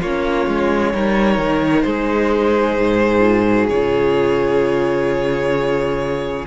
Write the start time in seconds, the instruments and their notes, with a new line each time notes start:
0.00 cello A#3, viola C#4, violin F4 C#5
0.47 cello G#3
0.93 cello G3, viola D#4, violin A#4
1.37 cello D#3
1.81 cello G#3, violin G#4 C5
2.78 cello G#2
3.19 viola F4
3.47 viola F#4
3.69 cello C#3, viola F4, violin C#5